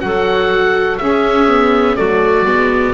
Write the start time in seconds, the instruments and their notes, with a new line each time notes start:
0.00 double bass F#3, viola F#4, clarinet A4, oboe F#5
0.98 double bass C#4, viola C#4, clarinet G#4, oboe E5
1.48 viola B3
1.97 double bass F#3, viola A3, clarinet F#4, oboe D5
2.45 double bass G#3, viola B3